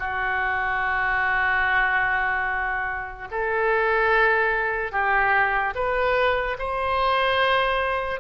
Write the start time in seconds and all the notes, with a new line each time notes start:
0.00 F#4
3.31 A4
4.92 G4
5.75 B4
6.59 C5